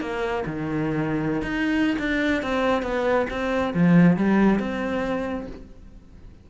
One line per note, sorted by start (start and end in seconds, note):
0.00 0.44 A#3
0.46 1.42 D#3
1.42 1.96 D#4
1.98 2.42 D4
2.42 2.82 C4
2.82 3.26 B3
3.30 3.73 C4
3.73 4.16 F3
4.16 4.59 G3
4.59 5.46 C4